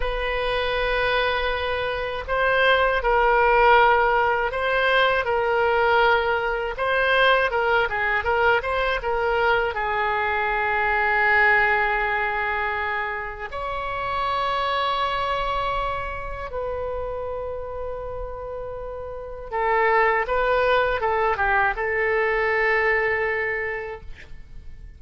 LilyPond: \new Staff \with { instrumentName = "oboe" } { \time 4/4 \tempo 4 = 80 b'2. c''4 | ais'2 c''4 ais'4~ | ais'4 c''4 ais'8 gis'8 ais'8 c''8 | ais'4 gis'2.~ |
gis'2 cis''2~ | cis''2 b'2~ | b'2 a'4 b'4 | a'8 g'8 a'2. | }